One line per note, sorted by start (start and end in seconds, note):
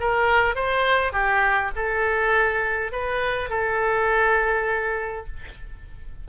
0.00 0.55 A#4
0.55 1.13 C5
1.13 1.71 G4
1.75 2.92 A4
2.92 3.50 B4
3.50 5.26 A4